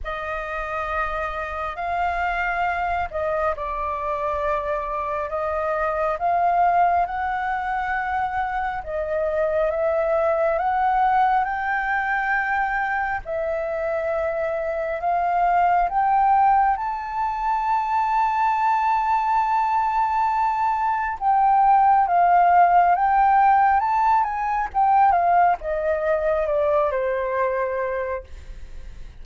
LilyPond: \new Staff \with { instrumentName = "flute" } { \time 4/4 \tempo 4 = 68 dis''2 f''4. dis''8 | d''2 dis''4 f''4 | fis''2 dis''4 e''4 | fis''4 g''2 e''4~ |
e''4 f''4 g''4 a''4~ | a''1 | g''4 f''4 g''4 a''8 gis''8 | g''8 f''8 dis''4 d''8 c''4. | }